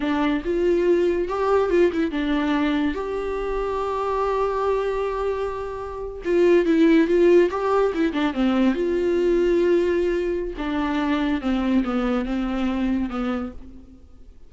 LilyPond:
\new Staff \with { instrumentName = "viola" } { \time 4/4 \tempo 4 = 142 d'4 f'2 g'4 | f'8 e'8 d'2 g'4~ | g'1~ | g'2~ g'8. f'4 e'16~ |
e'8. f'4 g'4 e'8 d'8 c'16~ | c'8. f'2.~ f'16~ | f'4 d'2 c'4 | b4 c'2 b4 | }